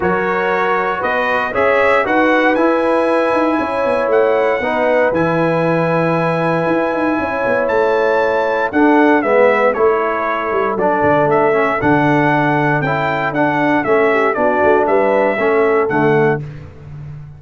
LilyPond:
<<
  \new Staff \with { instrumentName = "trumpet" } { \time 4/4 \tempo 4 = 117 cis''2 dis''4 e''4 | fis''4 gis''2. | fis''2 gis''2~ | gis''2. a''4~ |
a''4 fis''4 e''4 cis''4~ | cis''4 d''4 e''4 fis''4~ | fis''4 g''4 fis''4 e''4 | d''4 e''2 fis''4 | }
  \new Staff \with { instrumentName = "horn" } { \time 4/4 ais'2 b'4 cis''4 | b'2. cis''4~ | cis''4 b'2.~ | b'2 cis''2~ |
cis''4 a'4 b'4 a'4~ | a'1~ | a'2.~ a'8 g'8 | fis'4 b'4 a'2 | }
  \new Staff \with { instrumentName = "trombone" } { \time 4/4 fis'2. gis'4 | fis'4 e'2.~ | e'4 dis'4 e'2~ | e'1~ |
e'4 d'4 b4 e'4~ | e'4 d'4. cis'8 d'4~ | d'4 e'4 d'4 cis'4 | d'2 cis'4 a4 | }
  \new Staff \with { instrumentName = "tuba" } { \time 4/4 fis2 b4 cis'4 | dis'4 e'4. dis'8 cis'8 b8 | a4 b4 e2~ | e4 e'8 dis'8 cis'8 b8 a4~ |
a4 d'4 gis4 a4~ | a8 g8 fis8 d8 a4 d4~ | d4 cis'4 d'4 a4 | b8 a8 g4 a4 d4 | }
>>